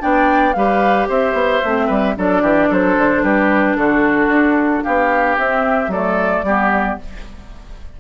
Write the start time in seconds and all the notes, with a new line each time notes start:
0.00 B3 D4 D5 G5
0.53 G3 G4 B4 F5
1.09 C4 C5 E5
1.34 B3
1.65 A3 C4
1.87 G3 B4
2.17 F#3 D4 A4 D5
2.42 E3 G4
2.69 F#3 A4 C5
2.98 D3
3.23 G3 G4 B4
3.77 D3 F#4 A4
4.28 D4
4.84 B3 G4 F5
5.38 C4 E5
5.88 F#3 A3 A4 D5
6.44 G3 B3 G4